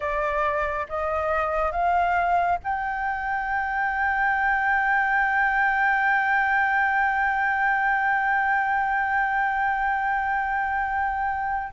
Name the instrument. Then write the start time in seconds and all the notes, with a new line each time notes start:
flute
0.00 D5
0.89 D#5
1.71 F5
2.63 G5